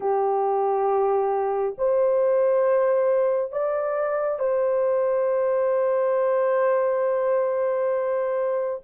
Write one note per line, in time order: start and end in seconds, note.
0.00 1.75 G4
1.78 3.52 C5
3.52 4.39 D5
4.39 8.80 C5